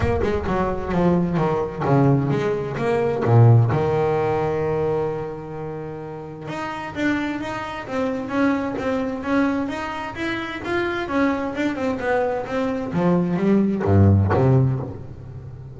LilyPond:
\new Staff \with { instrumentName = "double bass" } { \time 4/4 \tempo 4 = 130 ais8 gis8 fis4 f4 dis4 | cis4 gis4 ais4 ais,4 | dis1~ | dis2 dis'4 d'4 |
dis'4 c'4 cis'4 c'4 | cis'4 dis'4 e'4 f'4 | cis'4 d'8 c'8 b4 c'4 | f4 g4 g,4 c4 | }